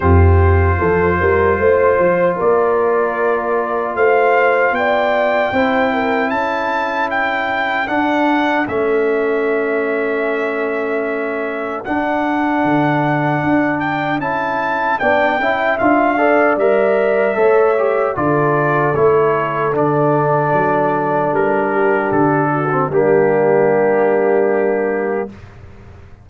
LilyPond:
<<
  \new Staff \with { instrumentName = "trumpet" } { \time 4/4 \tempo 4 = 76 c''2. d''4~ | d''4 f''4 g''2 | a''4 g''4 fis''4 e''4~ | e''2. fis''4~ |
fis''4. g''8 a''4 g''4 | f''4 e''2 d''4 | cis''4 d''2 ais'4 | a'4 g'2. | }
  \new Staff \with { instrumentName = "horn" } { \time 4/4 g'4 a'8 ais'8 c''4 ais'4~ | ais'4 c''4 d''4 c''8 ais'8 | a'1~ | a'1~ |
a'2. d''8 e''8~ | e''8 d''4. cis''4 a'4~ | a'2.~ a'8 g'8~ | g'8 fis'8 d'2. | }
  \new Staff \with { instrumentName = "trombone" } { \time 4/4 f'1~ | f'2. e'4~ | e'2 d'4 cis'4~ | cis'2. d'4~ |
d'2 e'4 d'8 e'8 | f'8 a'8 ais'4 a'8 g'8 f'4 | e'4 d'2.~ | d'8. c'16 ais2. | }
  \new Staff \with { instrumentName = "tuba" } { \time 4/4 f,4 f8 g8 a8 f8 ais4~ | ais4 a4 b4 c'4 | cis'2 d'4 a4~ | a2. d'4 |
d4 d'4 cis'4 b8 cis'8 | d'4 g4 a4 d4 | a4 d4 fis4 g4 | d4 g2. | }
>>